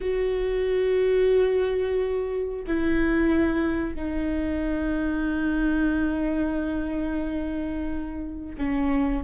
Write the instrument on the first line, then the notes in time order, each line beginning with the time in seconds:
viola
0.00 F#4
2.67 E4
3.95 D#4
8.57 C#4